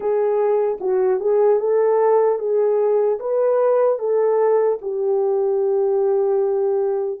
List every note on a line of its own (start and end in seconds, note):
0.00 0.78 G#4
0.80 1.20 F#4
1.20 1.59 G#4
1.59 2.39 A4
2.39 3.19 G#4
3.19 3.98 B4
3.98 4.78 A4
4.81 7.20 G4